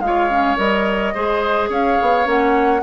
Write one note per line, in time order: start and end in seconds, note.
0.00 0.56 G#3
0.00 0.30 F4
0.00 0.57 F5
0.07 1.14 C#5
0.30 0.57 C#4
0.57 1.14 G3
0.57 1.14 A#4
0.57 1.70 D#5
1.14 1.69 G#3
1.14 2.25 G#4
1.14 1.70 C5
1.69 1.97 C#4
1.69 2.82 C#5
1.69 2.29 F5
2.02 2.26 B3
2.25 2.82 A#3
2.25 2.81 C#4
2.25 2.83 F#5